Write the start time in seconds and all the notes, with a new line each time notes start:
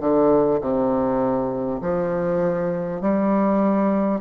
0.00 D3
0.61 C3
1.81 F3
3.01 G3